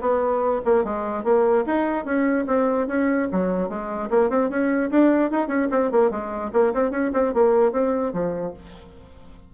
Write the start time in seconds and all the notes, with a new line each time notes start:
0.00 B3
0.64 A#3
0.84 G#3
1.23 A#3
1.66 D#4
2.05 C#4
2.47 C4
2.87 C#4
3.31 F#3
3.69 G#3
4.10 A#3
4.30 C4
4.49 C#4
4.90 D4
5.31 D#4
5.47 C#4
5.71 C4
5.91 A#3
6.10 G#3
6.53 A#3
6.73 C4
6.91 C#4
7.13 C4
7.33 A#3
7.72 C4
8.13 F3